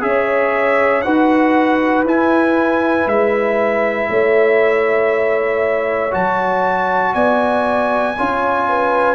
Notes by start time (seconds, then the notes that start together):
0.00 C#4 G#4 E5
0.07 C#5
1.02 D#4 F#4 B4 F#5
2.04 E4 G#5
3.06 G#3 E5
4.10 A3 C#5
6.11 F#3 F#4 A5
7.14 B3 D5 G#5
8.16 C#4 F4 C#5
8.69 B4